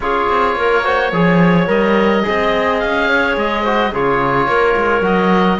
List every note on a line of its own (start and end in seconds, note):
0.00 0.28 C#4
0.00 0.84 F4
0.00 0.57 G#4
0.00 1.69 C#5
0.28 0.55 C4
0.55 1.11 A#3
0.55 0.84 A#4
0.84 1.12 F#4
0.84 1.12 C5
1.12 1.67 F3
1.12 1.67 G#4
1.12 2.24 C#5
1.67 2.23 G3
1.67 2.23 A#4
1.67 2.79 D#5
2.23 2.83 C4
2.23 3.63 G#4
2.23 3.09 D#5
2.79 3.36 C#4
2.79 3.35 F5
3.09 3.63 C#5
3.36 3.92 G#3
3.36 3.94 D#5
3.63 3.93 F#4
3.63 3.91 C5
3.91 4.47 C#3
3.91 5.02 F4
3.91 4.47 G#4
3.91 5.05 C#5
4.47 4.75 A#3
4.47 5.59 A#4
4.76 5.01 G#3
5.01 5.57 F#3
5.01 5.58 F#4
5.01 5.59 D#5